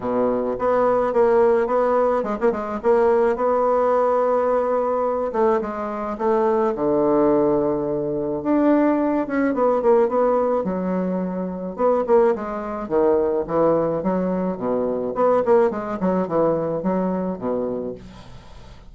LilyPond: \new Staff \with { instrumentName = "bassoon" } { \time 4/4 \tempo 4 = 107 b,4 b4 ais4 b4 | gis16 ais16 gis8 ais4 b2~ | b4. a8 gis4 a4 | d2. d'4~ |
d'8 cis'8 b8 ais8 b4 fis4~ | fis4 b8 ais8 gis4 dis4 | e4 fis4 b,4 b8 ais8 | gis8 fis8 e4 fis4 b,4 | }